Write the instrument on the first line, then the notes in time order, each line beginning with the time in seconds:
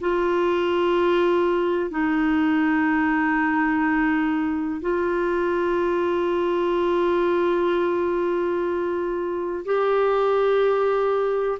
clarinet
0.00 F4
1.90 D#4
4.81 F4
9.65 G4